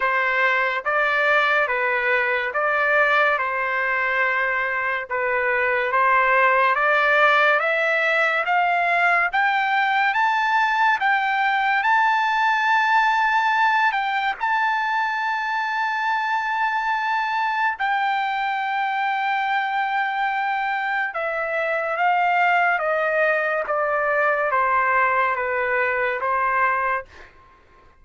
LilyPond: \new Staff \with { instrumentName = "trumpet" } { \time 4/4 \tempo 4 = 71 c''4 d''4 b'4 d''4 | c''2 b'4 c''4 | d''4 e''4 f''4 g''4 | a''4 g''4 a''2~ |
a''8 g''8 a''2.~ | a''4 g''2.~ | g''4 e''4 f''4 dis''4 | d''4 c''4 b'4 c''4 | }